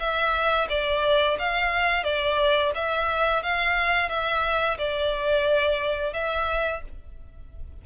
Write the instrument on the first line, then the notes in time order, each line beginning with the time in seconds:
violin
0.00 E5
0.70 D5
1.39 F5
2.04 D5
2.76 E5
3.43 F5
4.10 E5
4.78 D5
6.14 E5